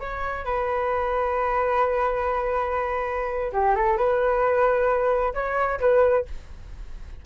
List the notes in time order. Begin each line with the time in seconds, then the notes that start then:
0.00 C#5
0.45 B4
3.52 G4
3.75 A4
3.97 B4
5.34 C#5
5.80 B4